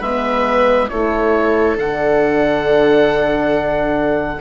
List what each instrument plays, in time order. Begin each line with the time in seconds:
0.00 bassoon G#3, horn B3, viola B4, oboe E5
0.89 bassoon A3, horn E4, viola A4, oboe C#5
1.76 bassoon D3, horn D4, oboe F#5